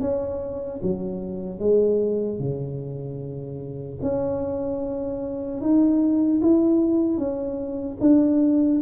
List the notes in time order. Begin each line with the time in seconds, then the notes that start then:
0.00 C#4
0.82 F#3
1.59 G#3
2.39 C#3
4.01 C#4
5.60 D#4
6.41 E4
7.17 C#4
8.00 D4